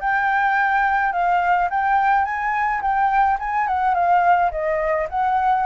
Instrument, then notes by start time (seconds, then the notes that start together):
flute
0.00 G5
1.12 F5
1.70 G5
2.25 G#5
2.81 G5
3.39 G#5
3.67 F#5
3.94 F5
4.51 D#5
5.10 F#5